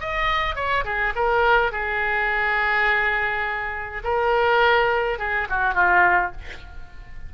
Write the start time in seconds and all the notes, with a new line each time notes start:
0.00 D#5
0.55 C#5
0.84 G#4
1.15 A#4
1.72 G#4
4.04 A#4
5.19 G#4
5.50 F#4
5.74 F4